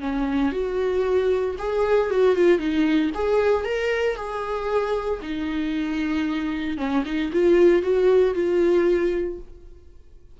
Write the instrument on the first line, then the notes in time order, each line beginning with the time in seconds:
viola
0.00 C#4
0.51 F#4
1.58 G#4
2.10 F#4
2.35 F4
2.58 D#4
3.14 G#4
3.65 A#4
4.15 G#4
5.22 D#4
6.77 C#4
7.05 D#4
7.32 F4
7.82 F#4
8.34 F4